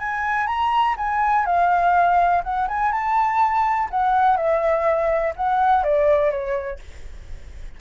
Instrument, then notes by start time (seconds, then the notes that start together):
flute
0.00 G#5
0.47 A#5
0.97 G#5
1.46 F5
2.43 F#5
2.68 G#5
2.92 A5
3.91 F#5
4.37 E5
5.36 F#5
5.84 D5
6.31 C#5